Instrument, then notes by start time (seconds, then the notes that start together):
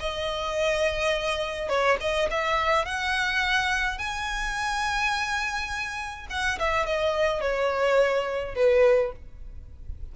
violin
0.00 D#5
1.69 C#5
2.01 D#5
2.31 E5
2.85 F#5
3.98 G#5
6.30 F#5
6.59 E5
6.86 D#5
7.41 C#5
8.55 B4